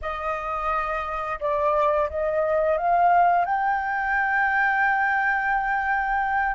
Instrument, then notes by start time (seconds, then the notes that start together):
flute
0.01 D#5
1.39 D5
2.09 D#5
2.77 F5
3.45 G5